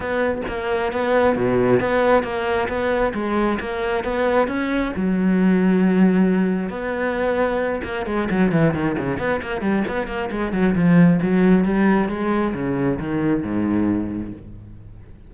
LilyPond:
\new Staff \with { instrumentName = "cello" } { \time 4/4 \tempo 4 = 134 b4 ais4 b4 b,4 | b4 ais4 b4 gis4 | ais4 b4 cis'4 fis4~ | fis2. b4~ |
b4. ais8 gis8 fis8 e8 dis8 | cis8 b8 ais8 g8 b8 ais8 gis8 fis8 | f4 fis4 g4 gis4 | cis4 dis4 gis,2 | }